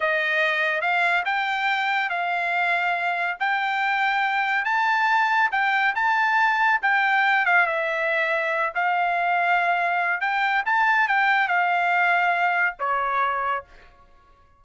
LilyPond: \new Staff \with { instrumentName = "trumpet" } { \time 4/4 \tempo 4 = 141 dis''2 f''4 g''4~ | g''4 f''2. | g''2. a''4~ | a''4 g''4 a''2 |
g''4. f''8 e''2~ | e''8 f''2.~ f''8 | g''4 a''4 g''4 f''4~ | f''2 cis''2 | }